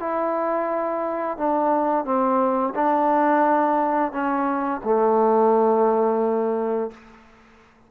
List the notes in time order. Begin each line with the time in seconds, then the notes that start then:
0.00 E4
1.38 D4
2.05 C4
2.75 D4
4.12 C#4
4.84 A3